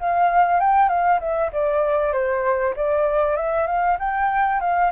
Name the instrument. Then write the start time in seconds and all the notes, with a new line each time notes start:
flute
0.00 F5
0.60 G5
0.89 F5
1.21 E5
1.53 D5
2.13 C5
2.76 D5
3.37 E5
3.67 F5
4.00 G5
4.61 F5